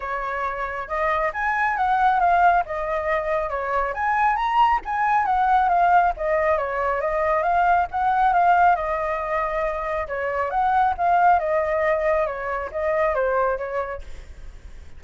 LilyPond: \new Staff \with { instrumentName = "flute" } { \time 4/4 \tempo 4 = 137 cis''2 dis''4 gis''4 | fis''4 f''4 dis''2 | cis''4 gis''4 ais''4 gis''4 | fis''4 f''4 dis''4 cis''4 |
dis''4 f''4 fis''4 f''4 | dis''2. cis''4 | fis''4 f''4 dis''2 | cis''4 dis''4 c''4 cis''4 | }